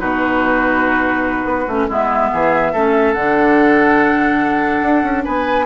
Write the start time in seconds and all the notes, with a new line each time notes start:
0.00 B2 D#4 F#4 B4
1.45 B3
1.68 A3 C#4
1.88 G#3 B3 E4 E5
2.33 E3 G#4
2.73 A3 C#4 A4
3.13 D3 D4 F#5
4.82 D4
5.03 C#4
5.24 B3 B4 G#5